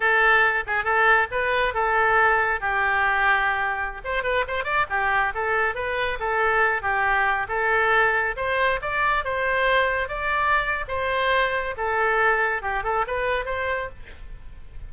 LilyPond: \new Staff \with { instrumentName = "oboe" } { \time 4/4 \tempo 4 = 138 a'4. gis'8 a'4 b'4 | a'2 g'2~ | g'4~ g'16 c''8 b'8 c''8 d''8 g'8.~ | g'16 a'4 b'4 a'4. g'16~ |
g'4~ g'16 a'2 c''8.~ | c''16 d''4 c''2 d''8.~ | d''4 c''2 a'4~ | a'4 g'8 a'8 b'4 c''4 | }